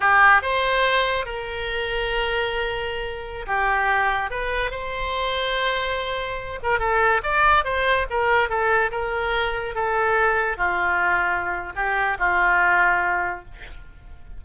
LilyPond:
\new Staff \with { instrumentName = "oboe" } { \time 4/4 \tempo 4 = 143 g'4 c''2 ais'4~ | ais'1~ | ais'16 g'2 b'4 c''8.~ | c''2.~ c''8. ais'16~ |
ais'16 a'4 d''4 c''4 ais'8.~ | ais'16 a'4 ais'2 a'8.~ | a'4~ a'16 f'2~ f'8. | g'4 f'2. | }